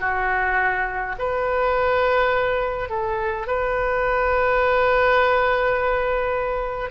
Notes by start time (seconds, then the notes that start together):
0.00 F#4
1.18 B4
2.89 A4
3.47 B4